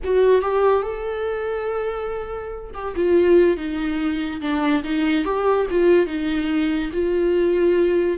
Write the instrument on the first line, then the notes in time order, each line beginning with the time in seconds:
viola
0.04 F#4
0.41 G4
0.82 A4
2.73 G4
2.95 F4
3.57 D#4
4.41 D4
4.83 D#4
5.24 G4
5.70 F4
6.06 D#4
6.92 F4